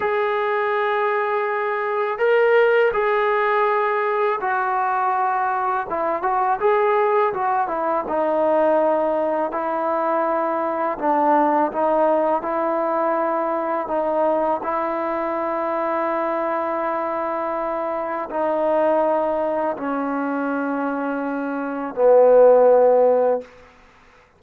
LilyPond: \new Staff \with { instrumentName = "trombone" } { \time 4/4 \tempo 4 = 82 gis'2. ais'4 | gis'2 fis'2 | e'8 fis'8 gis'4 fis'8 e'8 dis'4~ | dis'4 e'2 d'4 |
dis'4 e'2 dis'4 | e'1~ | e'4 dis'2 cis'4~ | cis'2 b2 | }